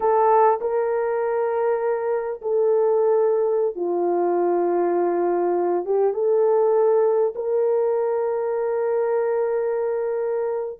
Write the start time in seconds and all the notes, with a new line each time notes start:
0.00 A4
0.61 A#4
2.41 A4
3.75 F4
5.85 G4
6.13 A4
7.35 A#4